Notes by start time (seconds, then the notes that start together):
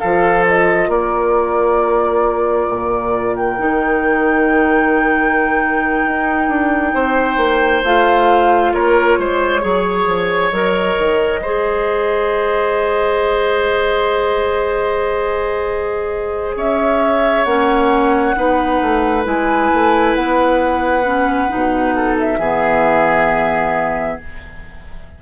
0.00 F3 F4 A4 F5
0.47 D#5
0.89 A#3 A#4 D5
2.69 A#2
3.36 G5
3.59 D#3 D#4
6.05 D#4
6.49 D4
6.94 C4 C5
7.37 A#3
7.84 A3 F4 F5
8.74 A#3 A#4 C#5
9.18 G#3 C5
9.61 F#3 G#4 C#5
10.07 F3
10.49 F#3 A#4 D#5
10.98 D#3
11.41 G#3 G#4 C5
16.56 C#4 C#5 E5
17.45 A#3 C#4 F#5
18.36 B3 D#4 B4
18.82 A3
19.24 G#3 E4 G#5
19.74 A3
20.15 B3 F#5
21.04 C#4
21.49 B2 D#4
21.96 A4
22.19 E5
22.38 E3 B3 G#4